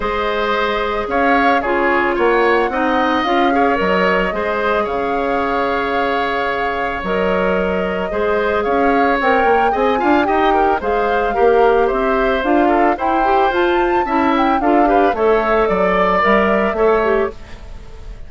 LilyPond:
<<
  \new Staff \with { instrumentName = "flute" } { \time 4/4 \tempo 4 = 111 dis''2 f''4 cis''4 | fis''2 f''4 dis''4~ | dis''4 f''2.~ | f''4 dis''2. |
f''4 g''4 gis''4 g''4 | f''2 e''4 f''4 | g''4 a''4. g''8 f''4 | e''4 d''4 e''2 | }
  \new Staff \with { instrumentName = "oboe" } { \time 4/4 c''2 cis''4 gis'4 | cis''4 dis''4. cis''4. | c''4 cis''2.~ | cis''2. c''4 |
cis''2 dis''8 f''8 dis''8 ais'8 | c''4 ais'4 c''4. a'8 | c''2 e''4 a'8 b'8 | cis''4 d''2 cis''4 | }
  \new Staff \with { instrumentName = "clarinet" } { \time 4/4 gis'2. f'4~ | f'4 dis'4 f'8 gis'8 ais'4 | gis'1~ | gis'4 ais'2 gis'4~ |
gis'4 ais'4 gis'8 f'8 g'4 | gis'4 g'2 f'4 | e'8 g'8 f'4 e'4 f'8 g'8 | a'2 ais'4 a'8 g'8 | }
  \new Staff \with { instrumentName = "bassoon" } { \time 4/4 gis2 cis'4 cis4 | ais4 c'4 cis'4 fis4 | gis4 cis2.~ | cis4 fis2 gis4 |
cis'4 c'8 ais8 c'8 d'8 dis'4 | gis4 ais4 c'4 d'4 | e'4 f'4 cis'4 d'4 | a4 fis4 g4 a4 | }
>>